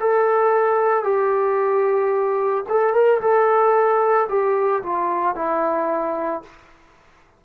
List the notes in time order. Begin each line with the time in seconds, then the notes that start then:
0.00 A4
1.03 G4
2.69 A4
2.94 A#4
3.20 A4
4.29 G4
4.83 F4
5.35 E4